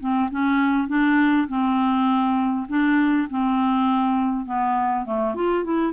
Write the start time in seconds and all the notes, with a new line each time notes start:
0.00 C4
0.31 C#4
0.88 D4
1.48 C4
2.69 D4
3.30 C4
4.46 B3
5.05 A3
5.35 F4
5.64 E4